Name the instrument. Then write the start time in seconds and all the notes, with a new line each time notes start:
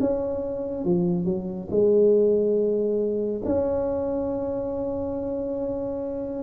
tuba
0.00 C#4
0.84 F3
1.25 F#3
1.70 G#3
3.45 C#4